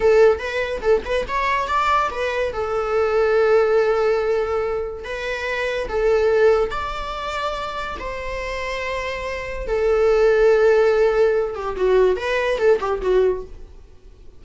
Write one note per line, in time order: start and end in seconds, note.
0.00 0.39 A4
0.39 0.80 B4
0.81 1.02 A4
1.05 1.26 B4
1.28 1.67 C#5
1.67 2.09 D5
2.11 2.53 B4
2.53 5.04 A4
5.04 5.88 B4
5.88 6.71 A4
6.71 7.96 D5
7.99 9.67 C5
9.67 11.55 A4
11.55 11.76 G4
11.76 12.16 F#4
12.16 12.58 B4
12.58 12.79 A4
12.80 13.01 G4
13.01 13.43 F#4